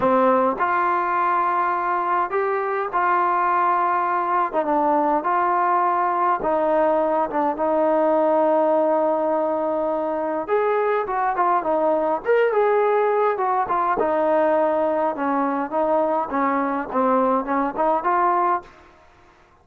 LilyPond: \new Staff \with { instrumentName = "trombone" } { \time 4/4 \tempo 4 = 103 c'4 f'2. | g'4 f'2~ f'8. dis'16 | d'4 f'2 dis'4~ | dis'8 d'8 dis'2.~ |
dis'2 gis'4 fis'8 f'8 | dis'4 ais'8 gis'4. fis'8 f'8 | dis'2 cis'4 dis'4 | cis'4 c'4 cis'8 dis'8 f'4 | }